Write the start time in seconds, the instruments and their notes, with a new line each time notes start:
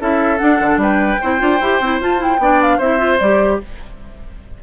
0.00 bassoon C#4, clarinet E4, oboe A4, flute E5
0.38 clarinet D4, bassoon D4, flute F#5
0.60 bassoon D3
0.77 bassoon G3, oboe B4, flute G5
1.21 bassoon C4, clarinet E4, oboe C5
1.39 bassoon D4, clarinet F4
1.60 bassoon E4, clarinet G4
1.80 bassoon C4, clarinet E4
2.00 bassoon F4, clarinet F4, flute A5
2.17 clarinet E4, flute G5
2.38 bassoon B3, clarinet D4, oboe D5
2.62 flute F5
2.78 bassoon C4, clarinet E4, oboe C5, flute E5
2.98 clarinet F4
3.19 bassoon G3, clarinet G4, flute D5